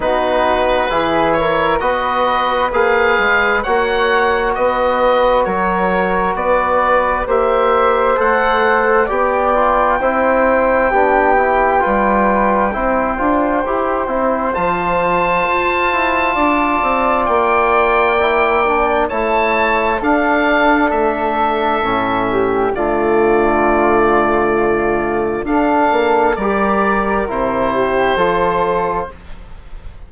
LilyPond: <<
  \new Staff \with { instrumentName = "oboe" } { \time 4/4 \tempo 4 = 66 b'4. cis''8 dis''4 f''4 | fis''4 dis''4 cis''4 d''4 | e''4 fis''4 g''2~ | g''1 |
a''2. g''4~ | g''4 a''4 f''4 e''4~ | e''4 d''2. | f''4 d''4 c''2 | }
  \new Staff \with { instrumentName = "flute" } { \time 4/4 fis'4 gis'8 ais'8 b'2 | cis''4 b'4 ais'4 b'4 | c''2 d''4 c''4 | g'4 b'4 c''2~ |
c''2 d''2~ | d''4 cis''4 a'2~ | a'8 g'8 f'2. | a'4 ais'4. g'8 a'4 | }
  \new Staff \with { instrumentName = "trombone" } { \time 4/4 dis'4 e'4 fis'4 gis'4 | fis'1 | g'4 a'4 g'8 f'8 e'4 | d'8 e'8 f'4 e'8 f'8 g'8 e'8 |
f'1 | e'8 d'8 e'4 d'2 | cis'4 a2. | d'4 g'4 e'4 f'4 | }
  \new Staff \with { instrumentName = "bassoon" } { \time 4/4 b4 e4 b4 ais8 gis8 | ais4 b4 fis4 b4 | ais4 a4 b4 c'4 | b4 g4 c'8 d'8 e'8 c'8 |
f4 f'8 e'8 d'8 c'8 ais4~ | ais4 a4 d'4 a4 | a,4 d2. | d'8 ais8 g4 c4 f4 | }
>>